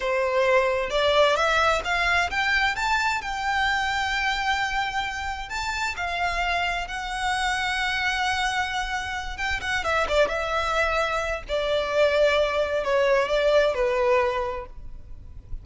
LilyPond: \new Staff \with { instrumentName = "violin" } { \time 4/4 \tempo 4 = 131 c''2 d''4 e''4 | f''4 g''4 a''4 g''4~ | g''1 | a''4 f''2 fis''4~ |
fis''1~ | fis''8 g''8 fis''8 e''8 d''8 e''4.~ | e''4 d''2. | cis''4 d''4 b'2 | }